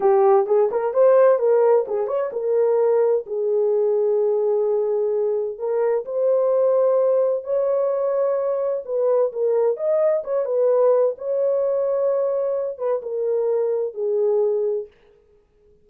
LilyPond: \new Staff \with { instrumentName = "horn" } { \time 4/4 \tempo 4 = 129 g'4 gis'8 ais'8 c''4 ais'4 | gis'8 cis''8 ais'2 gis'4~ | gis'1 | ais'4 c''2. |
cis''2. b'4 | ais'4 dis''4 cis''8 b'4. | cis''2.~ cis''8 b'8 | ais'2 gis'2 | }